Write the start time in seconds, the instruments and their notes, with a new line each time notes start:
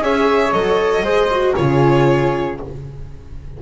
0.00 double bass C#4, viola G#4, flute C#5, violin E5
0.52 double bass F#3, viola A4, violin D#5
1.02 double bass G#3, viola G#4, flute C5
1.30 viola F#4
1.55 double bass C#3, viola F4, flute G#4, violin C#5